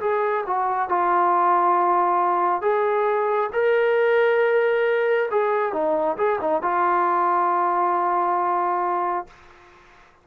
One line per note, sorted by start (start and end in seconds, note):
0.00 0.44 G#4
0.46 0.88 F#4
0.88 2.61 F4
2.61 3.50 G#4
3.53 5.29 A#4
5.31 5.73 G#4
5.73 6.17 D#4
6.17 6.39 G#4
6.41 6.62 D#4
6.62 9.26 F4